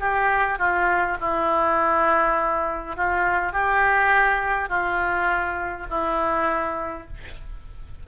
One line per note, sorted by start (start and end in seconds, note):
0.00 0.58 G4
0.58 1.17 F4
1.20 2.96 E4
2.96 3.52 F4
3.52 4.69 G4
4.69 5.87 F4
5.89 7.07 E4